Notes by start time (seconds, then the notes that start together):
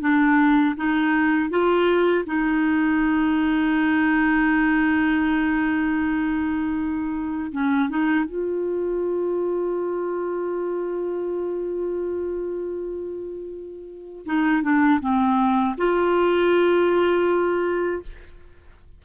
0.00 D4
0.76 D#4
1.49 F4
2.26 D#4
7.51 C#4
7.89 D#4
8.25 F4
14.25 D#4
14.62 D4
15.00 C4
15.77 F4